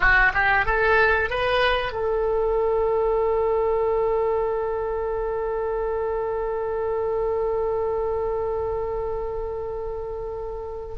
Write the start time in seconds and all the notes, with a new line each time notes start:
0.00 F#4
0.34 G4
0.65 A4
1.29 B4
1.92 A4